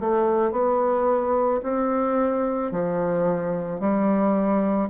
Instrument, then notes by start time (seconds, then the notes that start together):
bassoon
0.00 A3
0.52 B3
1.63 C4
2.72 F3
3.80 G3